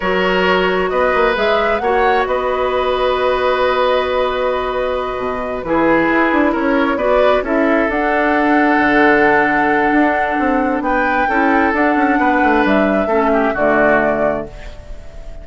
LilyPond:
<<
  \new Staff \with { instrumentName = "flute" } { \time 4/4 \tempo 4 = 133 cis''2 dis''4 e''4 | fis''4 dis''2.~ | dis''1~ | dis''8 b'2 cis''4 d''8~ |
d''8 e''4 fis''2~ fis''8~ | fis''1 | g''2 fis''2 | e''2 d''2 | }
  \new Staff \with { instrumentName = "oboe" } { \time 4/4 ais'2 b'2 | cis''4 b'2.~ | b'1~ | b'8 gis'2 ais'4 b'8~ |
b'8 a'2.~ a'8~ | a'1 | b'4 a'2 b'4~ | b'4 a'8 g'8 fis'2 | }
  \new Staff \with { instrumentName = "clarinet" } { \time 4/4 fis'2. gis'4 | fis'1~ | fis'1~ | fis'8 e'2. fis'8~ |
fis'8 e'4 d'2~ d'8~ | d'1~ | d'4 e'4 d'2~ | d'4 cis'4 a2 | }
  \new Staff \with { instrumentName = "bassoon" } { \time 4/4 fis2 b8 ais8 gis4 | ais4 b2.~ | b2.~ b8 b,8~ | b,8 e4 e'8 d'8 cis'4 b8~ |
b8 cis'4 d'2 d8~ | d2 d'4 c'4 | b4 cis'4 d'8 cis'8 b8 a8 | g4 a4 d2 | }
>>